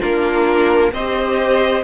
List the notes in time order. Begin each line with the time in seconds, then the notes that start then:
0.00 A#3 D4 F4 A#4
0.92 C4 G4 C5 D#5